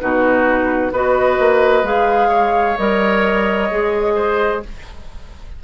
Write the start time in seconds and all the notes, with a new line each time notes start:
0.00 B2 D#4 F#4 B4
0.92 B3 F#4 B4 D#5
1.40 A#3
1.83 G#3 G#4 F5
2.29 C#5
2.78 G3 A#4 D#5
3.71 G#3 G#4
4.15 C5